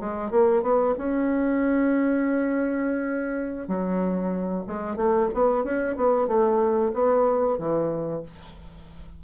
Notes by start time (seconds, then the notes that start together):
0.00 G#3
0.31 A#3
0.62 B3
0.98 C#4
3.68 F#3
4.67 G#3
4.96 A3
5.34 B3
5.64 C#4
5.96 B3
6.27 A3
6.94 B3
7.58 E3